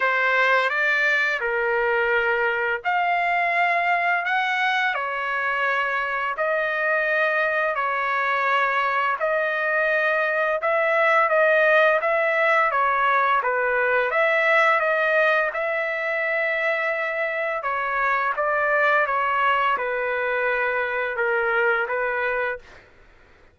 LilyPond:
\new Staff \with { instrumentName = "trumpet" } { \time 4/4 \tempo 4 = 85 c''4 d''4 ais'2 | f''2 fis''4 cis''4~ | cis''4 dis''2 cis''4~ | cis''4 dis''2 e''4 |
dis''4 e''4 cis''4 b'4 | e''4 dis''4 e''2~ | e''4 cis''4 d''4 cis''4 | b'2 ais'4 b'4 | }